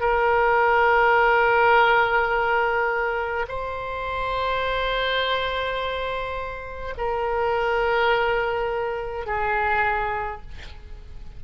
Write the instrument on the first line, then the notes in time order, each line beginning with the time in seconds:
oboe
0.00 A#4
3.48 C5
6.98 A#4
9.26 G#4